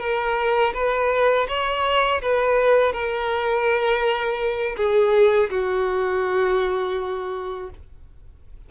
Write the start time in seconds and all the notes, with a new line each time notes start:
0.00 A#4
0.74 B4
1.48 C#5
2.22 B4
2.93 A#4
4.77 G#4
5.50 F#4